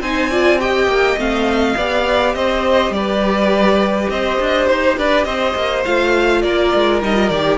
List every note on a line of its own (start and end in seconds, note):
0.00 0.87 C4
0.00 0.31 D#4
0.00 0.30 C5
0.00 0.60 G#5
0.30 0.59 F4
0.30 0.59 D5
0.59 1.17 G4
0.59 1.77 D#5
0.59 1.18 G5
0.87 1.16 A#3
1.17 1.75 A3
1.17 1.75 C4
1.17 2.34 F5
1.76 2.35 B3
1.76 5.85 G4
1.76 2.35 D5
2.34 2.90 C4
2.34 2.94 C5
2.34 2.92 D#5
2.90 4.07 G3
2.90 4.11 B4
2.90 4.09 D5
4.09 4.38 C4
4.09 4.98 C5
4.09 4.67 D#5
4.40 4.69 D4
4.67 4.98 D#4
4.67 4.96 C5
4.98 5.25 D4
4.98 5.26 B4
4.98 5.24 D5
5.24 5.54 C4
5.24 6.42 C5
5.24 5.82 D#5
5.55 5.84 A#3
5.85 6.44 A3
5.85 7.02 F4
5.85 6.42 F5
6.42 6.73 A#3
6.42 7.57 A#4
6.42 7.00 D5
6.74 7.02 G#3
7.02 7.30 G3
7.02 7.14 D#4
7.02 7.29 D#5
7.14 7.28 F4
7.29 7.57 D#3
7.29 7.57 G4
7.29 7.57 D5